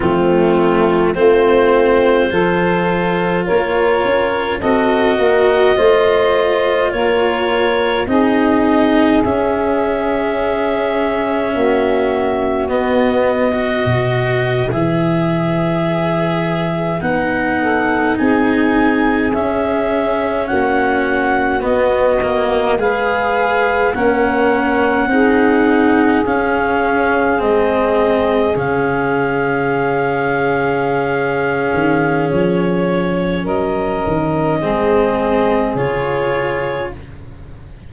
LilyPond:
<<
  \new Staff \with { instrumentName = "clarinet" } { \time 4/4 \tempo 4 = 52 f'4 c''2 cis''4 | dis''2 cis''4 dis''4 | e''2. dis''4~ | dis''8. e''2 fis''4 gis''16~ |
gis''8. e''4 fis''4 dis''4 f''16~ | f''8. fis''2 f''4 dis''16~ | dis''8. f''2.~ f''16 | cis''4 dis''2 cis''4 | }
  \new Staff \with { instrumentName = "saxophone" } { \time 4/4 c'4 f'4 a'4 ais'4 | a'8 ais'8 c''4 ais'4 gis'4~ | gis'2 fis'4.~ fis'16 b'16~ | b'2.~ b'16 a'8 gis'16~ |
gis'4.~ gis'16 fis'2 b'16~ | b'8. ais'4 gis'2~ gis'16~ | gis'1~ | gis'4 ais'4 gis'2 | }
  \new Staff \with { instrumentName = "cello" } { \time 4/4 a4 c'4 f'2 | fis'4 f'2 dis'4 | cis'2. b8. fis'16~ | fis'8. gis'2 dis'4~ dis'16~ |
dis'8. cis'2 b8 ais8 gis'16~ | gis'8. cis'4 dis'4 cis'4 c'16~ | c'8. cis'2.~ cis'16~ | cis'2 c'4 f'4 | }
  \new Staff \with { instrumentName = "tuba" } { \time 4/4 f4 a4 f4 ais8 cis'8 | c'8 ais8 a4 ais4 c'4 | cis'2 ais4 b4 | b,8. e2 b4 c'16~ |
c'8. cis'4 ais4 b4 gis16~ | gis8. ais4 c'4 cis'4 gis16~ | gis8. cis2~ cis8. dis8 | f4 fis8 dis8 gis4 cis4 | }
>>